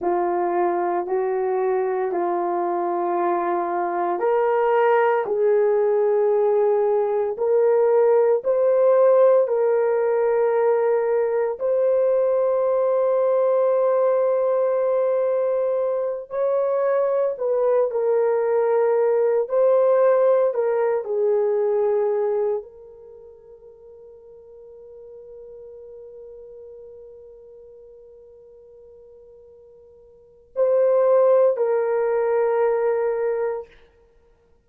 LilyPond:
\new Staff \with { instrumentName = "horn" } { \time 4/4 \tempo 4 = 57 f'4 fis'4 f'2 | ais'4 gis'2 ais'4 | c''4 ais'2 c''4~ | c''2.~ c''8 cis''8~ |
cis''8 b'8 ais'4. c''4 ais'8 | gis'4. ais'2~ ais'8~ | ais'1~ | ais'4 c''4 ais'2 | }